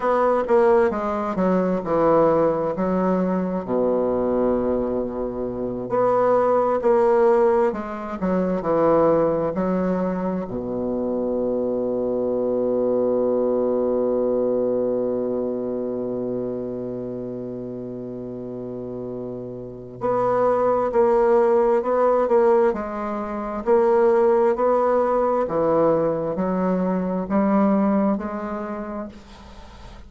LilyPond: \new Staff \with { instrumentName = "bassoon" } { \time 4/4 \tempo 4 = 66 b8 ais8 gis8 fis8 e4 fis4 | b,2~ b,8 b4 ais8~ | ais8 gis8 fis8 e4 fis4 b,8~ | b,1~ |
b,1~ | b,2 b4 ais4 | b8 ais8 gis4 ais4 b4 | e4 fis4 g4 gis4 | }